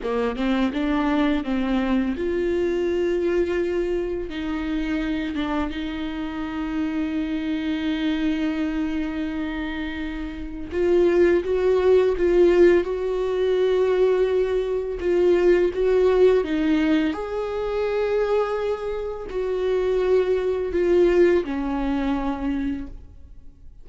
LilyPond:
\new Staff \with { instrumentName = "viola" } { \time 4/4 \tempo 4 = 84 ais8 c'8 d'4 c'4 f'4~ | f'2 dis'4. d'8 | dis'1~ | dis'2. f'4 |
fis'4 f'4 fis'2~ | fis'4 f'4 fis'4 dis'4 | gis'2. fis'4~ | fis'4 f'4 cis'2 | }